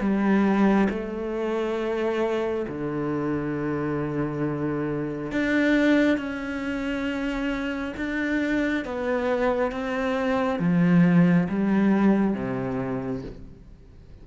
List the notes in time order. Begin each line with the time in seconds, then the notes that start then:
0.00 G3
0.90 A3
2.68 D3
5.31 D4
6.18 C#4
7.97 D4
8.85 B3
9.71 C4
10.59 F3
11.49 G3
12.34 C3